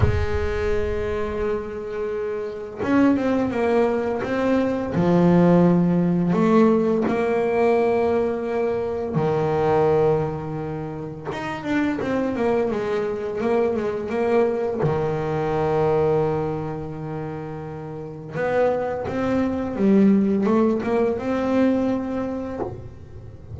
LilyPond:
\new Staff \with { instrumentName = "double bass" } { \time 4/4 \tempo 4 = 85 gis1 | cis'8 c'8 ais4 c'4 f4~ | f4 a4 ais2~ | ais4 dis2. |
dis'8 d'8 c'8 ais8 gis4 ais8 gis8 | ais4 dis2.~ | dis2 b4 c'4 | g4 a8 ais8 c'2 | }